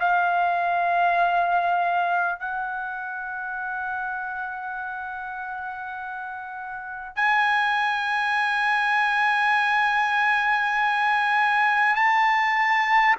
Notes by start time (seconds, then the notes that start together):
0.00 F5
2.39 F#5
7.16 G#5
11.95 A5